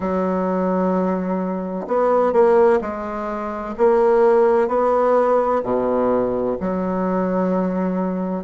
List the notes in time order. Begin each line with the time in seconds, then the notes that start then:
0.00 F#3
1.87 B3
2.32 A#3
2.81 G#3
3.77 A#3
4.68 B3
5.62 B2
6.60 F#3